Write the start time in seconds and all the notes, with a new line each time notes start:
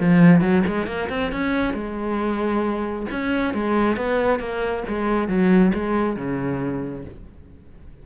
0.00 F3
0.41 F#3
0.67 G#3
0.87 A#3
1.09 C4
1.32 C#4
1.74 G#3
3.11 C#4
3.54 G#3
3.96 B3
4.39 A#3
4.88 G#3
5.28 F#3
5.74 G#3
6.16 C#3